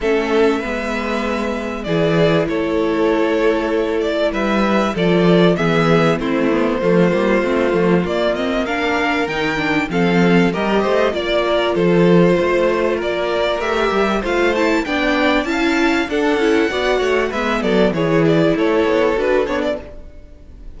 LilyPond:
<<
  \new Staff \with { instrumentName = "violin" } { \time 4/4 \tempo 4 = 97 e''2. d''4 | cis''2~ cis''8 d''8 e''4 | d''4 e''4 c''2~ | c''4 d''8 dis''8 f''4 g''4 |
f''4 dis''4 d''4 c''4~ | c''4 d''4 e''4 f''8 a''8 | g''4 a''4 fis''2 | e''8 d''8 cis''8 d''8 cis''4 b'8 cis''16 d''16 | }
  \new Staff \with { instrumentName = "violin" } { \time 4/4 a'4 b'2 gis'4 | a'2. b'4 | a'4 gis'4 e'4 f'4~ | f'2 ais'2 |
a'4 ais'8 c''8 d''8 ais'8 a'4 | c''4 ais'2 c''4 | d''4 f''4 a'4 d''8 cis''8 | b'8 a'8 gis'4 a'2 | }
  \new Staff \with { instrumentName = "viola" } { \time 4/4 cis'4 b2 e'4~ | e'1 | f'4 b4 c'8 b8 a8 ais8 | c'8 a8 ais8 c'8 d'4 dis'8 d'8 |
c'4 g'4 f'2~ | f'2 g'4 f'8 e'8 | d'4 e'4 d'8 e'8 fis'4 | b4 e'2 fis'8 d'8 | }
  \new Staff \with { instrumentName = "cello" } { \time 4/4 a4 gis2 e4 | a2. g4 | f4 e4 a4 f8 g8 | a8 f8 ais2 dis4 |
f4 g8 a8 ais4 f4 | a4 ais4 a8 g8 a4 | b4 cis'4 d'8 cis'8 b8 a8 | gis8 fis8 e4 a8 b8 d'8 b8 | }
>>